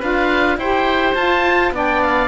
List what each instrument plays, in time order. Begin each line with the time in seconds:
0.00 cello D4, saxophone F4, oboe B4 F5
0.57 cello E4, saxophone G4, oboe C5 G5
1.15 cello F4, saxophone F4, oboe A5
1.72 cello B3, saxophone D4, oboe D5 G5
2.03 oboe F5